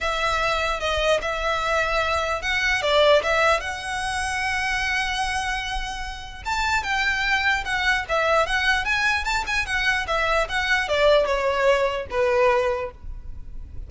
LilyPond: \new Staff \with { instrumentName = "violin" } { \time 4/4 \tempo 4 = 149 e''2 dis''4 e''4~ | e''2 fis''4 d''4 | e''4 fis''2.~ | fis''1 |
a''4 g''2 fis''4 | e''4 fis''4 gis''4 a''8 gis''8 | fis''4 e''4 fis''4 d''4 | cis''2 b'2 | }